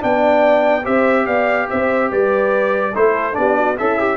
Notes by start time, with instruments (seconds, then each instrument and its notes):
0.00 tuba B3, trombone D4, horn D5, trumpet G5
0.84 tuba C4, trombone G4, horn C5, trumpet E5
1.27 tuba B3, horn D5, trumpet F5
1.70 tuba C4, horn C5, trumpet E5
2.10 tuba G3, horn B4, trumpet D5
2.95 tuba A3, trombone E4, horn A4, trumpet C5
3.33 tuba B3, trombone D4, horn G4, trumpet D5
3.58 horn F#4
3.78 tuba C#4, horn E4, trombone A4, trumpet E5
4.00 trombone G4